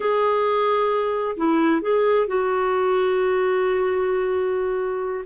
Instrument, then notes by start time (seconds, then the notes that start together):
clarinet
0.00 G#4
1.37 E4
1.81 G#4
2.27 F#4